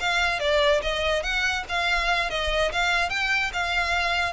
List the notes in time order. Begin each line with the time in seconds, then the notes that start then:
0.00 F5
0.39 D5
0.82 D#5
1.23 F#5
1.69 F5
2.30 D#5
2.72 F5
3.10 G5
3.53 F5